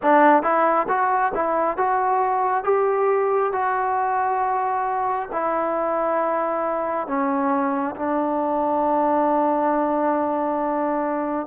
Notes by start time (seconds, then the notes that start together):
0.02 D4
0.43 E4
0.88 F#4
1.34 E4
1.76 F#4
2.64 G4
3.52 F#4
5.32 E4
7.07 C#4
7.96 D4